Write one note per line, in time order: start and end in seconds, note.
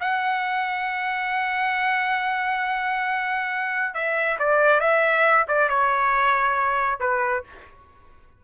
0.00 3.94 F#5
3.94 4.38 E5
4.39 4.80 D5
4.80 5.45 E5
5.47 5.69 D5
5.69 7.00 C#5
7.00 7.44 B4